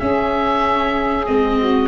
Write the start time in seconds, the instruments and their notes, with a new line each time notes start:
0.00 viola C#4, tuba C#4, saxophone G#4, oboe E5
1.26 tuba G#3, viola C4, oboe D#5
1.59 saxophone F#4